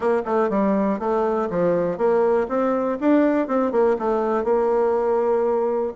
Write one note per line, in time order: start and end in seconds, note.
0.00 0.22 A#3
0.25 0.49 A3
0.49 0.99 G3
0.99 1.48 A3
1.50 1.97 F3
1.97 2.47 A#3
2.48 2.98 C4
3.00 3.47 D4
3.47 3.71 C4
3.71 3.96 A#3
3.98 4.44 A3
4.44 5.92 A#3